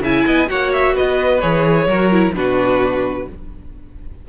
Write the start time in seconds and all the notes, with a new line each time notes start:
0.00 C#3 E4 E5 G#5
0.25 B3 D#5
0.47 A#3 F#4 C#5 F#5
0.72 E5
0.94 B3 B4 D#5
1.40 E3 G#4 C#5
1.86 F#3 F#4 A#4
2.11 E4
2.34 B2 D4 F#4 B4